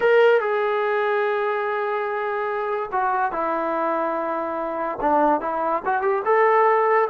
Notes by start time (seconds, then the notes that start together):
0.00 A#4
0.40 G#4
2.92 F#4
3.32 E4
5.00 D4
5.41 E4
5.85 F#4
6.01 G4
6.25 A4